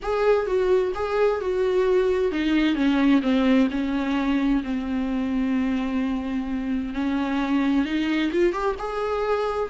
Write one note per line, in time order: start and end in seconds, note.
0.02 0.46 G#4
0.46 0.92 F#4
0.94 1.40 G#4
1.40 2.31 F#4
2.31 2.75 D#4
2.75 3.21 C#4
3.21 3.68 C4
3.70 4.63 C#4
4.63 6.94 C4
6.94 7.85 C#4
7.85 8.31 D#4
8.32 8.52 F4
8.52 8.75 G4
8.78 9.69 G#4